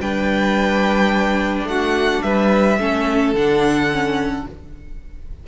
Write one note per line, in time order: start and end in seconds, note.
0.00 1.64 G3
0.00 2.79 D4
0.00 1.68 B4
0.00 1.68 G5
1.64 2.20 A3
1.64 2.24 F#4
1.64 2.23 F#5
2.23 2.79 G3
2.23 2.80 B4
2.23 3.34 E5
2.79 3.34 A3
2.79 3.35 C#4
2.79 4.48 A4
3.34 4.45 D3
3.34 3.91 D4
3.34 4.47 F#5
3.92 4.47 C#4